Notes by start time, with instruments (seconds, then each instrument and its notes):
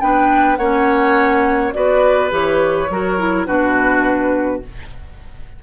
0.00 bassoon B3, clarinet D4, oboe B4, flute G5
0.56 bassoon A#3, clarinet C#4, oboe C#5, flute F#5
1.72 bassoon B3, clarinet F#4, oboe B4, flute D5
2.30 bassoon E3, clarinet G4, flute C#5
2.89 bassoon F#3, clarinet F#4, oboe A#4
3.18 clarinet E4
3.46 bassoon B2, clarinet D4, oboe F#4, flute B4